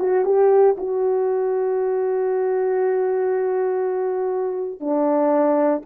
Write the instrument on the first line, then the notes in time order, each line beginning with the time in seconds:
horn
0.00 F#4
0.25 G4
0.78 F#4
4.81 D4